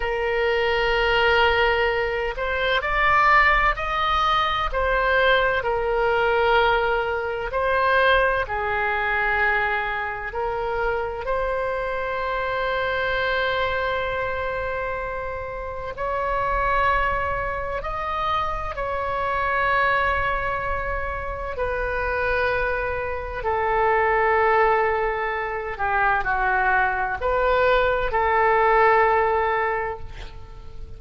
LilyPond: \new Staff \with { instrumentName = "oboe" } { \time 4/4 \tempo 4 = 64 ais'2~ ais'8 c''8 d''4 | dis''4 c''4 ais'2 | c''4 gis'2 ais'4 | c''1~ |
c''4 cis''2 dis''4 | cis''2. b'4~ | b'4 a'2~ a'8 g'8 | fis'4 b'4 a'2 | }